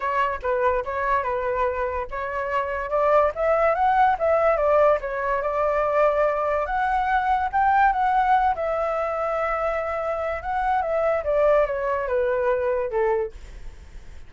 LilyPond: \new Staff \with { instrumentName = "flute" } { \time 4/4 \tempo 4 = 144 cis''4 b'4 cis''4 b'4~ | b'4 cis''2 d''4 | e''4 fis''4 e''4 d''4 | cis''4 d''2. |
fis''2 g''4 fis''4~ | fis''8 e''2.~ e''8~ | e''4 fis''4 e''4 d''4 | cis''4 b'2 a'4 | }